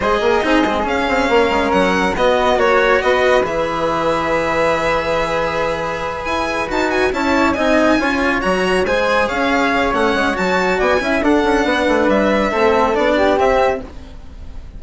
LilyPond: <<
  \new Staff \with { instrumentName = "violin" } { \time 4/4 \tempo 4 = 139 dis''2 f''2 | fis''4 dis''4 cis''4 dis''4 | e''1~ | e''2~ e''8 gis''4 a''8 |
gis''8 a''4 gis''2 ais''8~ | ais''8 gis''4 f''4. fis''4 | a''4 gis''4 fis''2 | e''2 d''4 e''4 | }
  \new Staff \with { instrumentName = "flute" } { \time 4/4 c''8 ais'8 gis'2 ais'4~ | ais'4 fis'4 cis''4 b'4~ | b'1~ | b'1~ |
b'8 cis''4 dis''4 cis''4.~ | cis''8 c''4 cis''2~ cis''8~ | cis''4 d''8 e''8 a'4 b'4~ | b'4 a'4. g'4. | }
  \new Staff \with { instrumentName = "cello" } { \time 4/4 gis'4 dis'8 c'8 cis'2~ | cis'4 b4 fis'2 | gis'1~ | gis'2.~ gis'8 fis'8~ |
fis'8 e'4 dis'4 f'4 fis'8~ | fis'8 gis'2~ gis'8 cis'4 | fis'4. e'8 d'2~ | d'4 c'4 d'4 c'4 | }
  \new Staff \with { instrumentName = "bassoon" } { \time 4/4 gis8 ais8 c'8 gis8 cis'8 c'8 ais8 gis8 | fis4 b4 ais4 b4 | e1~ | e2~ e8 e'4 dis'8~ |
dis'8 cis'4 c'4 cis'4 fis8~ | fis8 gis4 cis'4. a8 gis8 | fis4 b8 cis'8 d'8 cis'8 b8 a8 | g4 a4 b4 c'4 | }
>>